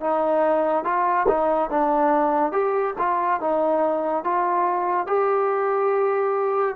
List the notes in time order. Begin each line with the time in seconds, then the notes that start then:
0.00 D#4
0.84 F4
1.28 D#4
1.70 D4
2.52 G4
2.98 F4
3.40 D#4
4.24 F4
5.06 G4